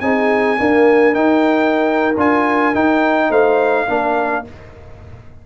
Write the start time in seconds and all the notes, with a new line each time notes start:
0.00 C4 D#4 G#4 G#5
0.57 A#3 D4 A#4
1.13 D#4 G5
2.16 D4 F4 G#5
2.74 D#4 G5
3.29 A3 C5 F5
3.87 A#3 D4 A#4